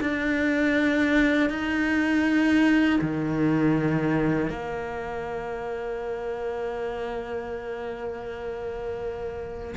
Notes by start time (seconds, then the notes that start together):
0.00 D4
1.49 D#4
3.01 D#3
4.49 A#3